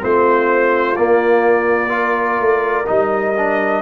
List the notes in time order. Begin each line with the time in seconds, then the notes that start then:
0.00 A3 C4 F4 C5
0.96 A#3 D5
1.89 F4 A#4
2.40 A3
2.86 G3 D#4 D#5
3.37 D4